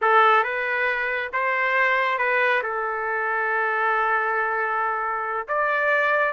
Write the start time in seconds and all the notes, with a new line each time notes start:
0.01 A4
0.43 B4
1.32 C5
2.18 B4
2.62 A4
5.47 D5